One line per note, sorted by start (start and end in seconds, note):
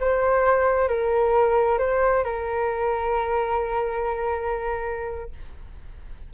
0.00 0.89 C5
0.89 1.79 A#4
1.79 2.24 C5
2.24 5.31 A#4